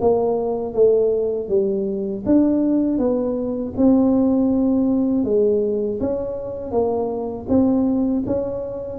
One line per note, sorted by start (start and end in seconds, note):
0.00 0.74 A#3
0.74 1.48 A3
1.48 2.23 G3
2.26 2.98 D4
2.98 3.73 B3
3.76 5.24 C4
5.24 5.99 G#3
6.00 6.71 C#4
6.71 7.46 A#3
7.48 8.23 C4
8.26 8.99 C#4